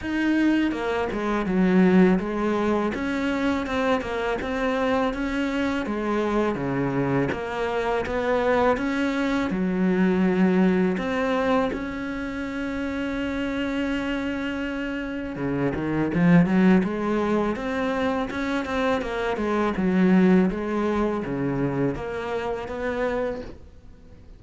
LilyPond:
\new Staff \with { instrumentName = "cello" } { \time 4/4 \tempo 4 = 82 dis'4 ais8 gis8 fis4 gis4 | cis'4 c'8 ais8 c'4 cis'4 | gis4 cis4 ais4 b4 | cis'4 fis2 c'4 |
cis'1~ | cis'4 cis8 dis8 f8 fis8 gis4 | c'4 cis'8 c'8 ais8 gis8 fis4 | gis4 cis4 ais4 b4 | }